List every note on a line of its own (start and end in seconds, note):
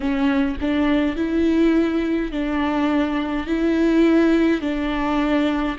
0.00 0.57 C#4
0.60 1.15 D4
1.15 2.31 E4
2.31 3.46 D4
3.46 4.61 E4
4.61 5.76 D4